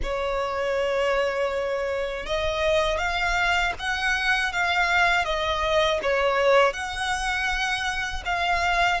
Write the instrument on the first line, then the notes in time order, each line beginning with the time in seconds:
violin
0.02 C#5
2.26 D#5
2.98 F5
3.79 F#5
4.52 F5
5.25 D#5
6.02 C#5
6.73 F#5
8.25 F5